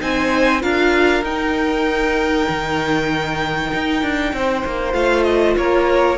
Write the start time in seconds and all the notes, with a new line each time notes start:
0.00 C4 D#4 C5 G#5
0.61 D4 F4 A#4 F5
1.23 D#4 G5
2.49 D#3
3.74 D#4
4.03 D4
4.33 C4 C5
4.65 A#3
4.93 A3 F4 F5
5.23 D#5
5.57 A#3 A#4 C#5